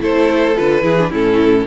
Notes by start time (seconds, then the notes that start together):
0.00 A3 E4 A4 C5
0.56 D3 F4 B4
0.83 E3 E4 G#4
1.00 D4
1.10 A2 C#4 E4 A4